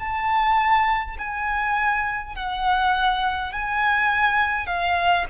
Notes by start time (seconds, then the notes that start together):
0.00 A5
1.19 G#5
2.36 F#5
3.53 G#5
4.67 F5